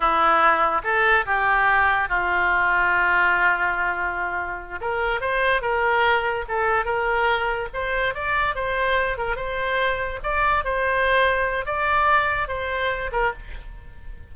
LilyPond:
\new Staff \with { instrumentName = "oboe" } { \time 4/4 \tempo 4 = 144 e'2 a'4 g'4~ | g'4 f'2.~ | f'2.~ f'8 ais'8~ | ais'8 c''4 ais'2 a'8~ |
a'8 ais'2 c''4 d''8~ | d''8 c''4. ais'8 c''4.~ | c''8 d''4 c''2~ c''8 | d''2 c''4. ais'8 | }